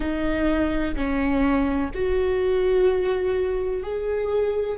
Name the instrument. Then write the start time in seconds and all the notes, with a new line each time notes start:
viola
0.00 D#4
0.95 C#4
1.94 F#4
3.83 G#4